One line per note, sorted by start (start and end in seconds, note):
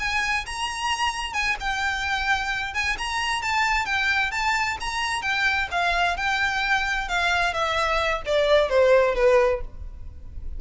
0.00 0.46 G#5
0.46 1.34 A#5
1.34 1.57 G#5
1.60 2.75 G5
2.75 2.98 G#5
2.98 3.43 A#5
3.43 3.86 A5
3.86 4.32 G5
4.32 4.78 A5
4.81 5.23 A#5
5.23 5.68 G5
5.71 6.17 F5
6.17 7.09 G5
7.09 7.54 F5
7.54 8.23 E5
8.26 8.70 D5
8.70 9.15 C5
9.15 9.61 B4